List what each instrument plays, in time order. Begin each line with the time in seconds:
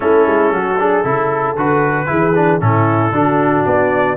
0.00 tuba A3, trombone C#4, horn E4, trumpet A4
0.26 tuba G#3
0.52 tuba F#3, horn F#4
0.78 trombone D4, horn G#4
1.03 tuba C#3, trombone E4, horn A4
1.56 tuba D3, trombone F#4, trumpet B4
2.06 tuba E3, trombone E4, horn G#4
2.35 trombone D4
2.60 tuba A2, trombone C#4, horn E4, trumpet A4
3.12 tuba D3, trombone D4, horn F#4
3.65 tuba B3, trumpet D5